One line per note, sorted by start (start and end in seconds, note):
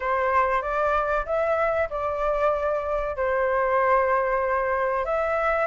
0.00 0.61 C5
0.61 1.25 D5
1.25 1.88 E5
1.90 3.16 D5
3.16 5.05 C5
5.05 5.66 E5